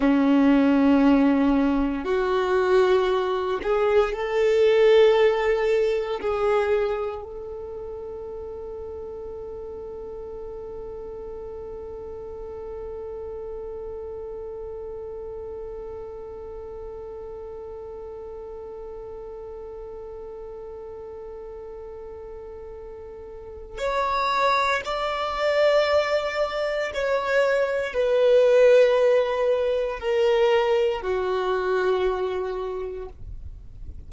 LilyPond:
\new Staff \with { instrumentName = "violin" } { \time 4/4 \tempo 4 = 58 cis'2 fis'4. gis'8 | a'2 gis'4 a'4~ | a'1~ | a'1~ |
a'1~ | a'2. cis''4 | d''2 cis''4 b'4~ | b'4 ais'4 fis'2 | }